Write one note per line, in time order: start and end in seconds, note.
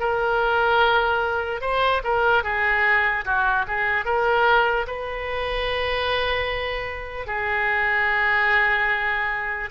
0.00 1.61 A#4
1.61 2.02 C5
2.04 2.43 A#4
2.43 3.24 G#4
3.25 3.65 F#4
3.67 4.05 G#4
4.05 4.86 A#4
4.87 7.27 B4
7.27 9.70 G#4